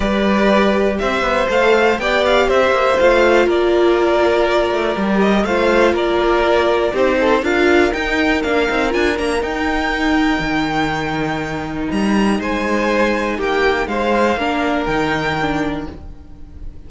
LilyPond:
<<
  \new Staff \with { instrumentName = "violin" } { \time 4/4 \tempo 4 = 121 d''2 e''4 f''4 | g''8 f''8 e''4 f''4 d''4~ | d''2~ d''8 dis''8 f''4 | d''2 c''4 f''4 |
g''4 f''4 gis''8 ais''8 g''4~ | g''1 | ais''4 gis''2 g''4 | f''2 g''2 | }
  \new Staff \with { instrumentName = "violin" } { \time 4/4 b'2 c''2 | d''4 c''2 ais'4~ | ais'2. c''4 | ais'2 g'8 a'8 ais'4~ |
ais'1~ | ais'1~ | ais'4 c''2 g'4 | c''4 ais'2. | }
  \new Staff \with { instrumentName = "viola" } { \time 4/4 g'2. a'4 | g'2 f'2~ | f'2 g'4 f'4~ | f'2 dis'4 f'4 |
dis'4 d'8 dis'8 f'8 d'8 dis'4~ | dis'1~ | dis'1~ | dis'4 d'4 dis'4 d'4 | }
  \new Staff \with { instrumentName = "cello" } { \time 4/4 g2 c'8 b8 a4 | b4 c'8 ais8 a4 ais4~ | ais4. a8 g4 a4 | ais2 c'4 d'4 |
dis'4 ais8 c'8 d'8 ais8 dis'4~ | dis'4 dis2. | g4 gis2 ais4 | gis4 ais4 dis2 | }
>>